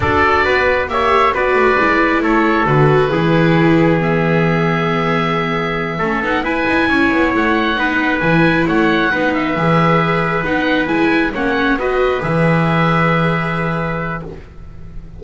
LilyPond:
<<
  \new Staff \with { instrumentName = "oboe" } { \time 4/4 \tempo 4 = 135 d''2 e''4 d''4~ | d''4 cis''4 b'2~ | b'4 e''2.~ | e''2 fis''8 gis''4.~ |
gis''8 fis''2 gis''4 fis''8~ | fis''4 e''2~ e''8 fis''8~ | fis''8 gis''4 fis''4 dis''4 e''8~ | e''1 | }
  \new Staff \with { instrumentName = "trumpet" } { \time 4/4 a'4 b'4 cis''4 b'4~ | b'4 a'2 gis'4~ | gis'1~ | gis'4. a'4 b'4 cis''8~ |
cis''4. b'2 cis''8~ | cis''8 b'2.~ b'8~ | b'4. cis''4 b'4.~ | b'1 | }
  \new Staff \with { instrumentName = "viola" } { \time 4/4 fis'2 g'4 fis'4 | e'2 fis'4 e'4~ | e'4 b2.~ | b4. cis'8 dis'8 e'4.~ |
e'4. dis'4 e'4.~ | e'8 dis'4 gis'2 dis'8~ | dis'8 e'4 cis'4 fis'4 gis'8~ | gis'1 | }
  \new Staff \with { instrumentName = "double bass" } { \time 4/4 d'4 b4 ais4 b8 a8 | gis4 a4 d4 e4~ | e1~ | e4. a8 b8 e'8 dis'8 cis'8 |
b8 a4 b4 e4 a8~ | a8 b4 e2 b8~ | b8 gis4 ais4 b4 e8~ | e1 | }
>>